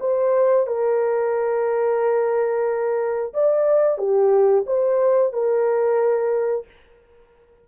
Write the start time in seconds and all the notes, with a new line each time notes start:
0.00 C5
0.67 A#4
3.34 D5
3.98 G4
4.66 C5
5.33 A#4